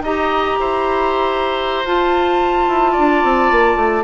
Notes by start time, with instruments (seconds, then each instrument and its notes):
0.00 bassoon D#4, clarinet G4, oboe D#5, flute A#5
0.59 bassoon E4, oboe C5
1.84 bassoon F4, clarinet F4, flute A5
2.68 bassoon E4
2.92 bassoon D4, oboe D5
3.23 bassoon C4
3.51 bassoon A#3
3.75 bassoon A3